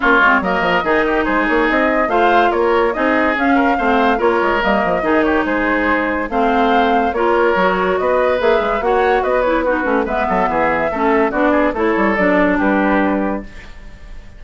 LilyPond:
<<
  \new Staff \with { instrumentName = "flute" } { \time 4/4 \tempo 4 = 143 cis''4 dis''2 c''8 cis''8 | dis''4 f''4 cis''4 dis''4 | f''2 cis''4 dis''4~ | dis''8 cis''8 c''2 f''4~ |
f''4 cis''2 dis''4 | e''4 fis''4 dis''8 cis''8 b'4 | e''2. d''4 | cis''4 d''4 b'2 | }
  \new Staff \with { instrumentName = "oboe" } { \time 4/4 f'4 ais'4 gis'8 g'8 gis'4~ | gis'4 c''4 ais'4 gis'4~ | gis'8 ais'8 c''4 ais'2 | gis'8 g'8 gis'2 c''4~ |
c''4 ais'2 b'4~ | b'4 cis''4 b'4 fis'4 | b'8 a'8 gis'4 a'4 fis'8 gis'8 | a'2 g'2 | }
  \new Staff \with { instrumentName = "clarinet" } { \time 4/4 cis'8 c'8 ais4 dis'2~ | dis'4 f'2 dis'4 | cis'4 c'4 f'4 ais4 | dis'2. c'4~ |
c'4 f'4 fis'2 | gis'4 fis'4. e'8 dis'8 cis'8 | b2 cis'4 d'4 | e'4 d'2. | }
  \new Staff \with { instrumentName = "bassoon" } { \time 4/4 ais8 gis8 fis8 f8 dis4 gis8 ais8 | c'4 a4 ais4 c'4 | cis'4 a4 ais8 gis8 g8 f8 | dis4 gis2 a4~ |
a4 ais4 fis4 b4 | ais8 gis8 ais4 b4. a8 | gis8 fis8 e4 a4 b4 | a8 g8 fis4 g2 | }
>>